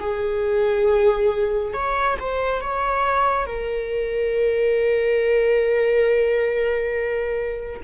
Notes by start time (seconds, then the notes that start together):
0.00 G#4
1.74 C#5
2.19 C5
2.61 C#5
3.46 A#4